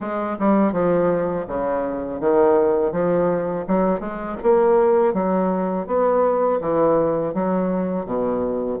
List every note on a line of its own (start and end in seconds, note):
0.00 0.37 G#3
0.39 0.72 G3
0.72 1.45 F3
1.47 2.20 C#3
2.20 2.92 D#3
2.92 3.65 F3
3.67 4.00 F#3
4.00 4.36 G#3
4.42 5.13 A#3
5.13 5.86 F#3
5.86 6.60 B3
6.61 7.34 E3
7.34 8.05 F#3
8.05 8.78 B2